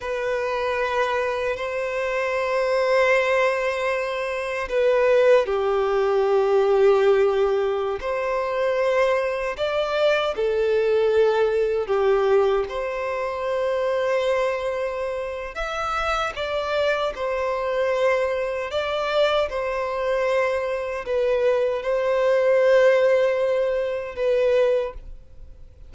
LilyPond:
\new Staff \with { instrumentName = "violin" } { \time 4/4 \tempo 4 = 77 b'2 c''2~ | c''2 b'4 g'4~ | g'2~ g'16 c''4.~ c''16~ | c''16 d''4 a'2 g'8.~ |
g'16 c''2.~ c''8. | e''4 d''4 c''2 | d''4 c''2 b'4 | c''2. b'4 | }